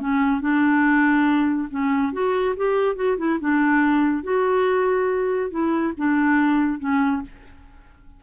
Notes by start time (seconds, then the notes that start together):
0.00 C#4
0.41 D4
1.71 C#4
2.13 F#4
2.56 G4
2.96 F#4
3.18 E4
3.40 D4
4.23 F#4
5.51 E4
5.97 D4
6.79 C#4